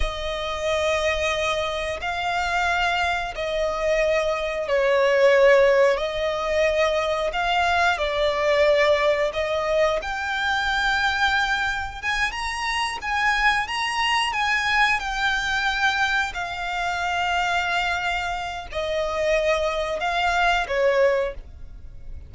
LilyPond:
\new Staff \with { instrumentName = "violin" } { \time 4/4 \tempo 4 = 90 dis''2. f''4~ | f''4 dis''2 cis''4~ | cis''4 dis''2 f''4 | d''2 dis''4 g''4~ |
g''2 gis''8 ais''4 gis''8~ | gis''8 ais''4 gis''4 g''4.~ | g''8 f''2.~ f''8 | dis''2 f''4 cis''4 | }